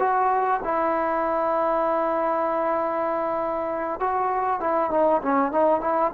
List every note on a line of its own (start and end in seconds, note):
0.00 0.61 F#4
0.64 4.00 E4
4.00 4.61 F#4
4.61 4.91 E4
4.91 5.22 D#4
5.23 5.52 C#4
5.52 5.81 D#4
5.81 6.12 E4